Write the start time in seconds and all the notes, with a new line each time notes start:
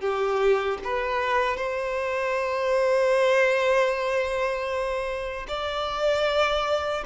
0.00 G4
0.84 B4
1.57 C5
5.48 D5